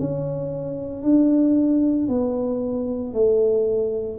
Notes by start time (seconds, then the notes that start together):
0.00 C#4
1.03 D4
2.09 B3
3.14 A3